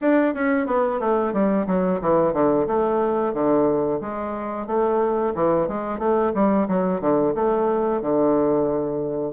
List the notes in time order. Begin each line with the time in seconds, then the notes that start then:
0.01 D4
0.34 C#4
0.66 B3
1.00 A3
1.33 G3
1.67 F#3
2.01 E3
2.33 D3
2.67 A3
3.33 D3
4.00 G#3
4.67 A3
5.35 E3
5.68 G#3
5.98 A3
6.34 G3
6.68 F#3
7.01 D3
7.35 A3
8.01 D3